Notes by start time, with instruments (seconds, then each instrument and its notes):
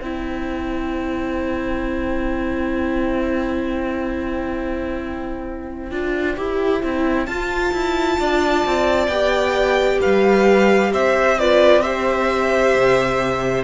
0.00 cello C4, viola E4, violin C5 G5
5.91 cello D4, viola F4
6.36 cello E4, viola G4
6.82 cello C4, viola E4
7.26 cello F4, viola F4, violin A5
7.72 cello E4
8.19 cello D4, violin D5
8.65 cello C4
9.07 cello B3, viola G4, violin G5
10.00 cello G3, violin B4 F5
10.92 cello C4, violin C5 E5
11.38 viola F4, violin B4 D5
11.81 viola G4, violin C5 E5
12.74 cello C3